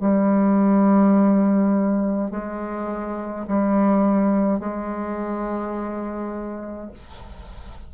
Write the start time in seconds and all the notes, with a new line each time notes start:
0.00 G3
2.30 G#3
3.47 G3
4.59 G#3